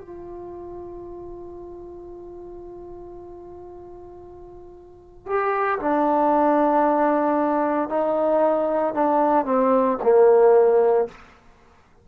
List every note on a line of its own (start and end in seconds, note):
0.00 5.26 F4
5.26 5.79 G4
5.79 7.89 D4
7.89 8.94 D#4
8.94 9.45 D4
9.45 9.98 C4
10.03 11.08 A#3